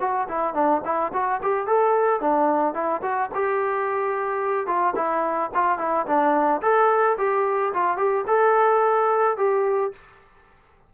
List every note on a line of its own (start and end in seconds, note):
0.00 0.28 F#4
0.28 0.54 E4
0.54 0.82 D4
0.85 1.12 E4
1.13 1.41 F#4
1.42 1.67 G4
1.67 2.20 A4
2.20 2.74 D4
2.74 3.01 E4
3.02 3.30 F#4
3.34 4.67 G4
4.67 4.94 F4
4.95 5.50 E4
5.54 5.78 F4
5.78 6.06 E4
6.06 6.61 D4
6.62 7.17 A4
7.18 7.73 G4
7.73 7.97 F4
7.97 8.25 G4
8.27 9.37 A4
9.37 9.92 G4